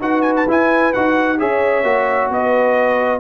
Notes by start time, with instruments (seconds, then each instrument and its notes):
0.00 tuba D#4, trombone F#4, horn B4, trumpet F#5
0.22 trumpet G#5
0.37 trumpet A5
0.48 tuba E4, trombone E4, trumpet G#5
0.93 tuba D#4, trombone F#4, trumpet F#5
1.39 tuba C#4, trombone G#4, horn C#5, trumpet E5
1.84 tuba A#3, trombone F#4
2.31 tuba B3, horn B4, trumpet D#5